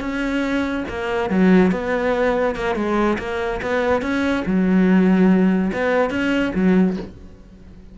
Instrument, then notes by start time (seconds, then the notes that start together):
cello
0.00 C#4
0.89 A#3
1.30 F#3
1.71 B3
2.55 A#3
2.75 G#3
3.19 A#3
3.62 B3
4.02 C#4
4.46 F#3
5.73 B3
6.10 C#4
6.55 F#3